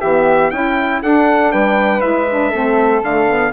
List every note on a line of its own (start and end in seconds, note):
0.00 0.51 E3
0.00 0.53 B3
0.00 0.50 G4
0.00 0.51 E5
0.51 1.01 C#4
0.51 1.02 E4
0.51 1.03 E4
0.51 1.01 G5
1.02 2.01 D4
1.02 1.53 D4
1.02 1.52 A4
1.02 1.51 F#5
1.51 2.03 G3
1.51 2.50 B4
1.51 2.01 G5
2.01 2.53 G#3
2.01 2.26 E4
2.01 3.02 E5
2.30 2.53 D4
2.50 3.02 A3
2.50 3.03 C4
2.50 3.51 A4
3.02 3.52 D3
3.02 3.28 A3
3.02 3.52 F5
3.28 3.52 B3